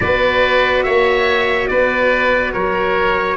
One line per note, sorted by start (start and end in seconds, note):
0.00 0.85 B3
0.00 3.36 F#4
0.00 0.85 B4
0.00 0.83 D5
0.83 1.69 A#3
0.83 1.69 C#5
0.83 1.67 E5
1.68 2.54 B3
1.68 2.53 B4
1.68 2.52 D5
2.53 3.36 F#3
2.53 3.36 A#4
2.53 3.36 C#5